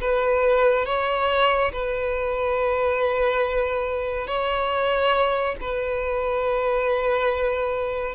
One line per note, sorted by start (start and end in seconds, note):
0.00 0.85 B4
0.85 1.71 C#5
1.72 4.27 B4
4.27 5.55 C#5
5.61 8.14 B4